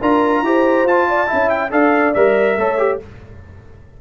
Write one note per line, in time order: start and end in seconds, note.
0.00 0.42 D4
0.00 0.45 F4
0.00 0.43 A#4
0.00 0.87 A#5
0.42 0.84 E4
0.42 0.87 G4
0.42 1.08 C5
0.84 1.27 F4
0.84 1.49 A5
1.08 1.27 D5
1.27 1.72 C#4
1.27 1.69 E4
1.27 1.70 E5
1.49 1.70 G5
1.70 2.14 D4
1.70 2.13 A4
1.70 2.58 D5
1.70 2.14 F5
2.14 2.57 G3
2.14 2.59 A#4
2.14 2.99 E5
2.57 3.00 A3
2.57 2.78 A4
2.57 3.01 C#5
2.78 3.00 G4